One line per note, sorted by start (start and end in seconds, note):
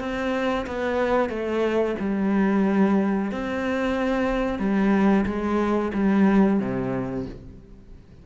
0.00 0.66 C4
0.67 1.29 B3
1.29 1.95 A3
1.99 3.31 G3
3.31 4.59 C4
4.59 5.25 G3
5.26 5.92 G#3
5.94 6.60 G3
6.60 7.26 C3